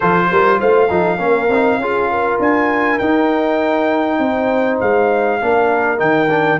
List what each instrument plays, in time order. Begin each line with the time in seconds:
0.00 tuba F3, trombone F4, horn A4, trumpet C5
0.31 tuba G3, horn A#4
0.59 tuba A3, horn C5, trumpet F5
0.89 tuba F3, trombone D#4, horn A4
1.18 tuba A#3, trombone C#4, horn A#4
1.48 tuba C4, trombone D#4
1.77 tuba C#4, trombone F4, horn G#4
2.10 horn A#4
2.39 tuba D4, trumpet G#5
2.98 tuba D#4, trombone D#4, trumpet G5
4.19 tuba C4, horn C5
4.80 tuba G#3, trumpet F5
5.41 tuba A#3, trombone D4, horn A#4
5.97 tuba D#3, trombone D#4, trumpet G5
6.29 trombone D4